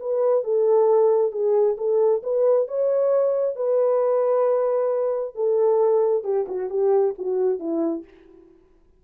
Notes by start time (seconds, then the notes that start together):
0.00 B4
0.44 A4
1.32 G#4
1.77 A4
2.23 B4
2.68 C#5
3.56 B4
5.35 A4
6.24 G4
6.48 F#4
6.70 G4
7.18 F#4
7.60 E4